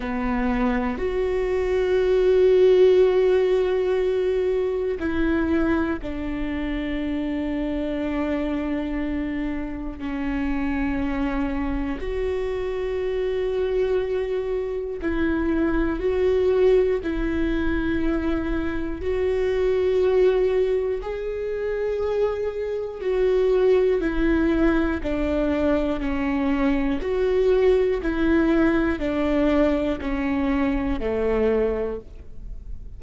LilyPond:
\new Staff \with { instrumentName = "viola" } { \time 4/4 \tempo 4 = 60 b4 fis'2.~ | fis'4 e'4 d'2~ | d'2 cis'2 | fis'2. e'4 |
fis'4 e'2 fis'4~ | fis'4 gis'2 fis'4 | e'4 d'4 cis'4 fis'4 | e'4 d'4 cis'4 a4 | }